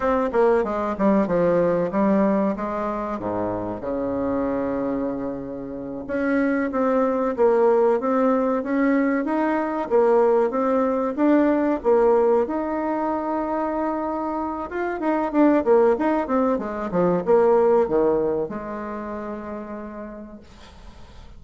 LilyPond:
\new Staff \with { instrumentName = "bassoon" } { \time 4/4 \tempo 4 = 94 c'8 ais8 gis8 g8 f4 g4 | gis4 gis,4 cis2~ | cis4. cis'4 c'4 ais8~ | ais8 c'4 cis'4 dis'4 ais8~ |
ais8 c'4 d'4 ais4 dis'8~ | dis'2. f'8 dis'8 | d'8 ais8 dis'8 c'8 gis8 f8 ais4 | dis4 gis2. | }